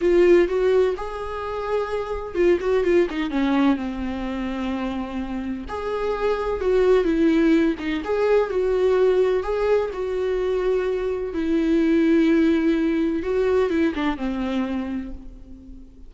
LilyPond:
\new Staff \with { instrumentName = "viola" } { \time 4/4 \tempo 4 = 127 f'4 fis'4 gis'2~ | gis'4 f'8 fis'8 f'8 dis'8 cis'4 | c'1 | gis'2 fis'4 e'4~ |
e'8 dis'8 gis'4 fis'2 | gis'4 fis'2. | e'1 | fis'4 e'8 d'8 c'2 | }